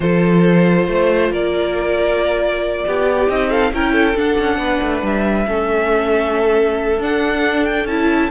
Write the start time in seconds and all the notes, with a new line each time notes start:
0.00 F3 F4 A4 C5
0.87 A3 C5
1.31 A#3 A#4 D5
2.86 B3 G4
3.08 G4
3.27 C4 D#4 D#5
3.50 A4 F5
3.72 C#4 E4 A#4 G5
3.92 A4
4.15 D4 F#5
4.38 C#4
4.57 B3
4.63 B4
4.82 A3
5.02 G3 E5
5.46 A3 C#4 A4
6.97 D4 F#5
7.64 G5
7.84 C#4 E4 A5